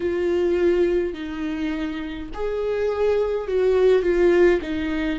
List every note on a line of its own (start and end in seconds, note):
0.00 1.13 F4
1.13 2.29 D#4
2.33 3.47 G#4
3.47 4.02 F#4
4.02 4.60 F4
4.61 5.19 D#4